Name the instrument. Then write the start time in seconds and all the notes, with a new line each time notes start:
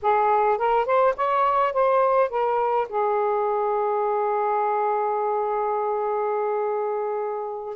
saxophone
0.02 G#4
0.58 A#4
0.85 C5
1.16 C#5
1.73 C5
2.29 A#4
2.88 G#4